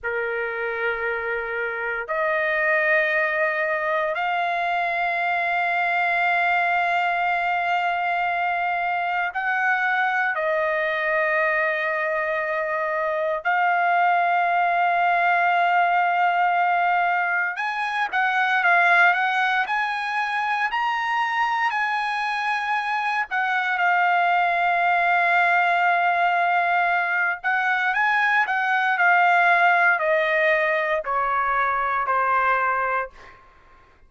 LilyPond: \new Staff \with { instrumentName = "trumpet" } { \time 4/4 \tempo 4 = 58 ais'2 dis''2 | f''1~ | f''4 fis''4 dis''2~ | dis''4 f''2.~ |
f''4 gis''8 fis''8 f''8 fis''8 gis''4 | ais''4 gis''4. fis''8 f''4~ | f''2~ f''8 fis''8 gis''8 fis''8 | f''4 dis''4 cis''4 c''4 | }